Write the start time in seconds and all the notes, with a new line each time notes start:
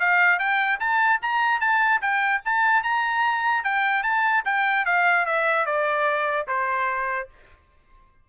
0.00 F5
0.39 G5
0.80 A5
1.22 A#5
1.61 A5
2.02 G5
2.45 A5
2.83 A#5
3.64 G5
4.03 A5
4.45 G5
4.85 F5
5.26 E5
5.66 D5
6.48 C5